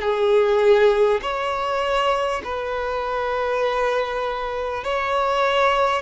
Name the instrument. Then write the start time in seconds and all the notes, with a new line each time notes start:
violin
0.00 G#4
1.22 C#5
2.44 B4
4.84 C#5